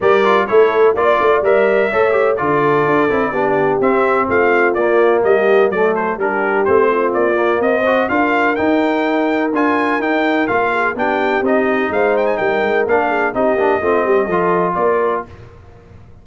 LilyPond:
<<
  \new Staff \with { instrumentName = "trumpet" } { \time 4/4 \tempo 4 = 126 d''4 cis''4 d''4 e''4~ | e''4 d''2. | e''4 f''4 d''4 dis''4 | d''8 c''8 ais'4 c''4 d''4 |
dis''4 f''4 g''2 | gis''4 g''4 f''4 g''4 | dis''4 f''8 g''16 gis''16 g''4 f''4 | dis''2. d''4 | }
  \new Staff \with { instrumentName = "horn" } { \time 4/4 ais'4 a'4 d''2 | cis''4 a'2 g'4~ | g'4 f'2 g'4 | a'4 g'4. f'4. |
c''4 ais'2.~ | ais'2~ ais'8 gis'8 g'4~ | g'4 c''4 ais'4. gis'8 | g'4 f'8 g'8 a'4 ais'4 | }
  \new Staff \with { instrumentName = "trombone" } { \time 4/4 g'8 f'8 e'4 f'4 ais'4 | a'8 g'8 f'4. e'8 d'4 | c'2 ais2 | a4 d'4 c'4. ais8~ |
ais8 fis'8 f'4 dis'2 | f'4 dis'4 f'4 d'4 | dis'2. d'4 | dis'8 d'8 c'4 f'2 | }
  \new Staff \with { instrumentName = "tuba" } { \time 4/4 g4 a4 ais8 a8 g4 | a4 d4 d'8 c'8 b4 | c'4 a4 ais4 g4 | fis4 g4 a4 ais4 |
c'4 d'4 dis'2 | d'4 dis'4 ais4 b4 | c'4 gis4 g8 gis8 ais4 | c'8 ais8 a8 g8 f4 ais4 | }
>>